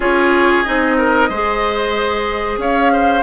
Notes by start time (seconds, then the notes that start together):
0.00 C#4 F4 G#4 C#5
0.63 C4 D#4 D#5
0.98 A#4
1.29 G#3 G#4 C5
2.57 C#4 C#5 F5
2.92 C5